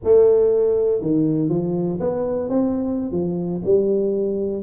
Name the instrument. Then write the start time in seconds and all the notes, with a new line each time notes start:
tuba
0.04 A3
1.01 D#3
1.49 F3
2.00 B3
2.49 C4
3.11 F3
3.64 G3